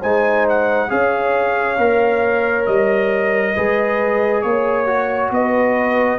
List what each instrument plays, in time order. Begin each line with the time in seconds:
0.00 tuba G#3, trombone D#4, horn C5, trumpet G#5
0.49 trumpet F#5
0.88 tuba C#4, trombone G#4, horn C#5, trumpet F5
1.78 tuba A#3, trombone A#4
2.65 tuba G3, trumpet D#5
3.54 tuba G#3, trombone G#4, horn B4
4.41 tuba A#3, trumpet C#5, horn C#5
4.86 trombone F#4
5.31 tuba B3, horn B4, trumpet D#5